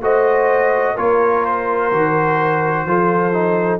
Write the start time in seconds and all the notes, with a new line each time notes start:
0.00 A3 F#4 C5 D#5
0.94 A#3 F4 A#4 C#5
1.44 C5
1.91 D#3 F#4
2.85 F3 F4 A4
3.33 D#4